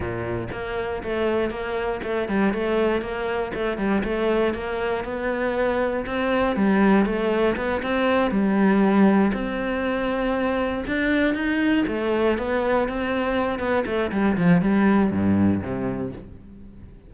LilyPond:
\new Staff \with { instrumentName = "cello" } { \time 4/4 \tempo 4 = 119 ais,4 ais4 a4 ais4 | a8 g8 a4 ais4 a8 g8 | a4 ais4 b2 | c'4 g4 a4 b8 c'8~ |
c'8 g2 c'4.~ | c'4. d'4 dis'4 a8~ | a8 b4 c'4. b8 a8 | g8 f8 g4 g,4 c4 | }